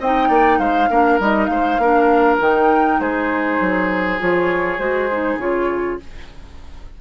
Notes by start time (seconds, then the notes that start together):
0.00 C4 D#4 D#5 G5
0.29 A#3 D5
0.59 G#3 C5 F5
0.90 A#3 D4 A#4
1.20 G3 D#4 D#5
1.46 G#3 C5 F5
1.78 A#3 D4 A#4
2.41 D#3 D#4 G5
3.00 G#3 G#4 C5
3.61 F#3
4.19 F3 F4 C#5
4.79 G#3 F#4 C5
5.12 D#4
5.37 C#3 F4 C#5